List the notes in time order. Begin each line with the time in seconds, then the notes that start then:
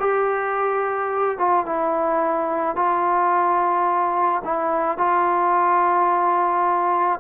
0.00 G4
1.38 F4
1.66 E4
2.76 F4
4.44 E4
4.98 F4